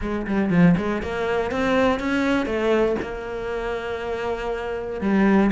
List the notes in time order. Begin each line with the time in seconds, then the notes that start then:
0.01 G#3
0.26 G3
0.50 F3
0.77 G#3
1.02 A#3
1.51 C4
1.99 C#4
2.45 A3
3.02 A#3
5.00 G3